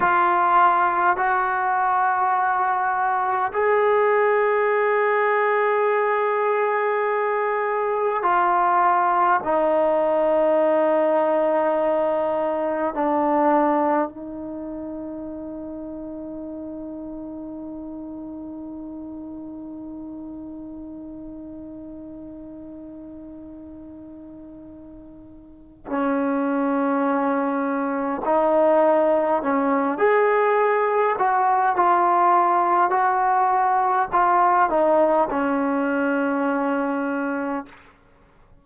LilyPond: \new Staff \with { instrumentName = "trombone" } { \time 4/4 \tempo 4 = 51 f'4 fis'2 gis'4~ | gis'2. f'4 | dis'2. d'4 | dis'1~ |
dis'1~ | dis'2 cis'2 | dis'4 cis'8 gis'4 fis'8 f'4 | fis'4 f'8 dis'8 cis'2 | }